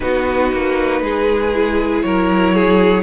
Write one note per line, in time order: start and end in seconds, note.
0.00 0.52 B3
0.00 1.52 D#4
0.00 1.02 F#4
0.00 2.02 B4
0.52 1.01 A#3
1.01 2.03 G#3
1.01 2.05 G#4
1.54 3.03 E4
2.02 3.03 F#3
2.02 2.54 A#4
2.02 3.03 C#5
2.54 3.03 G#4